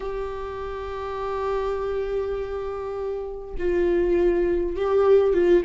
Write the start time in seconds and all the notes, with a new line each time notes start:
0.00 G4
3.58 F4
4.76 G4
5.33 F4